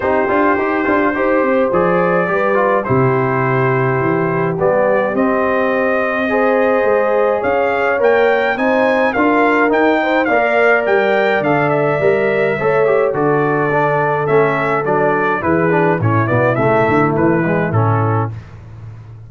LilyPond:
<<
  \new Staff \with { instrumentName = "trumpet" } { \time 4/4 \tempo 4 = 105 c''2. d''4~ | d''4 c''2. | d''4 dis''2.~ | dis''4 f''4 g''4 gis''4 |
f''4 g''4 f''4 g''4 | f''8 e''2~ e''8 d''4~ | d''4 e''4 d''4 b'4 | cis''8 d''8 e''4 b'4 a'4 | }
  \new Staff \with { instrumentName = "horn" } { \time 4/4 g'2 c''2 | b'4 g'2.~ | g'2. c''4~ | c''4 cis''2 c''4 |
ais'4. c''8 d''2~ | d''2 cis''4 a'4~ | a'2. gis'4 | e'1 | }
  \new Staff \with { instrumentName = "trombone" } { \time 4/4 dis'8 f'8 g'8 f'8 g'4 gis'4 | g'8 f'8 e'2. | b4 c'2 gis'4~ | gis'2 ais'4 dis'4 |
f'4 dis'4 ais'2 | a'4 ais'4 a'8 g'8 fis'4 | d'4 cis'4 d'4 e'8 d'8 | cis'8 b8 a4. gis8 cis'4 | }
  \new Staff \with { instrumentName = "tuba" } { \time 4/4 c'8 d'8 dis'8 d'8 dis'8 c'8 f4 | g4 c2 e4 | g4 c'2. | gis4 cis'4 ais4 c'4 |
d'4 dis'4 ais4 g4 | d4 g4 a4 d4~ | d4 a4 fis4 e4 | a,8 b,8 cis8 d8 e4 a,4 | }
>>